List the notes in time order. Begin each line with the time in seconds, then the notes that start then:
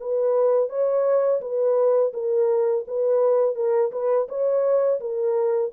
0.00 B4
0.69 C#5
1.41 B4
2.13 A#4
2.87 B4
3.56 A#4
3.92 B4
4.28 C#5
5.00 A#4